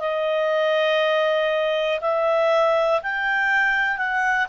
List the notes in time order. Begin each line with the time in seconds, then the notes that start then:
0.00 D#5
2.02 E5
3.03 G5
3.98 F#5